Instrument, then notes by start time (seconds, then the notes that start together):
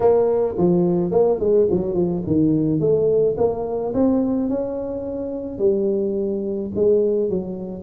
tuba
0.00 A#3
0.57 F3
1.11 A#3
1.39 G#3
1.71 F#3
1.94 F3
2.26 D#3
2.79 A3
3.37 A#3
3.94 C4
4.49 C#4
5.58 G3
6.75 G#3
7.29 F#3